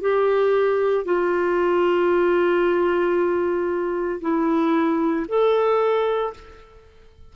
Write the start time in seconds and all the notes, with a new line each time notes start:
0.00 G4
1.04 F4
4.21 E4
5.28 A4